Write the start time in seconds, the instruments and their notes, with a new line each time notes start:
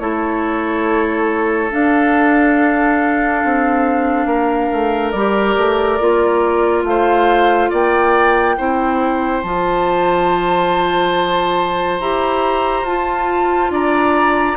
0.00 bassoon A3, clarinet E4, oboe A4, flute C#5
1.71 clarinet D4, bassoon D4, flute F5
3.45 bassoon C4
4.26 bassoon A#3, oboe A#4
4.73 bassoon A3
5.12 bassoon G3, clarinet G4, flute D5
5.57 bassoon A3
6.00 bassoon A#3, clarinet F4
6.84 bassoon A3, oboe C5, flute F5
7.71 bassoon A#3, oboe D5, flute G5
8.57 bassoon C4, clarinet E4, oboe C5
9.43 bassoon F3, clarinet F4, flute A5
12.00 bassoon E4, clarinet G4, flute A#5
12.83 bassoon F4, clarinet F4, flute A5
13.70 bassoon D4, oboe D5, flute A#5